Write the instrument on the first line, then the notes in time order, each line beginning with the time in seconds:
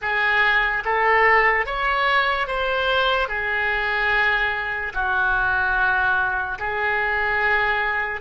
oboe
0.01 G#4
0.84 A4
1.66 C#5
2.47 C5
3.28 G#4
4.94 F#4
6.59 G#4